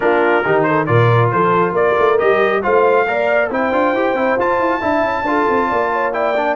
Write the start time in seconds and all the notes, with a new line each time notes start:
0.00 A#3 D4 F4 A#4
0.44 D#3 D#4 G4
0.62 A4 C5
0.86 A#2 F4 A#4 D5
1.31 F3 A4 C5
1.71 A#3 A#4 D5
1.98 A3
2.18 G3 G4 D#5
2.62 A3 F4 C5 F5
3.06 A#3 A#4 D5
3.50 C4 E4 C5 G5
3.72 D4 F4
3.92 E4 G4
4.13 C4 E4
4.37 F4 A5
4.58 E4
4.80 D4 E4 E5
5.03 C#4
5.22 D4 F4 A4
5.49 C4
5.68 A#3 D5
5.92 C#5
6.13 E4 D5 G5
6.36 D4